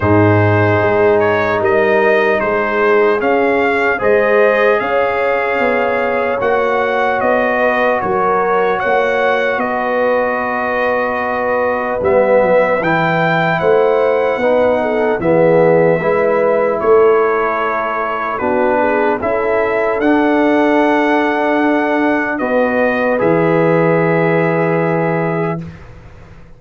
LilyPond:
<<
  \new Staff \with { instrumentName = "trumpet" } { \time 4/4 \tempo 4 = 75 c''4. cis''8 dis''4 c''4 | f''4 dis''4 f''2 | fis''4 dis''4 cis''4 fis''4 | dis''2. e''4 |
g''4 fis''2 e''4~ | e''4 cis''2 b'4 | e''4 fis''2. | dis''4 e''2. | }
  \new Staff \with { instrumentName = "horn" } { \time 4/4 gis'2 ais'4 gis'4~ | gis'4 c''4 cis''2~ | cis''4. b'8 ais'4 cis''4 | b'1~ |
b'4 c''4 b'8 a'8 gis'4 | b'4 a'2 fis'8 gis'8 | a'1 | b'1 | }
  \new Staff \with { instrumentName = "trombone" } { \time 4/4 dis'1 | cis'4 gis'2. | fis'1~ | fis'2. b4 |
e'2 dis'4 b4 | e'2. d'4 | e'4 d'2. | fis'4 gis'2. | }
  \new Staff \with { instrumentName = "tuba" } { \time 4/4 gis,4 gis4 g4 gis4 | cis'4 gis4 cis'4 b4 | ais4 b4 fis4 ais4 | b2. g8 fis8 |
e4 a4 b4 e4 | gis4 a2 b4 | cis'4 d'2. | b4 e2. | }
>>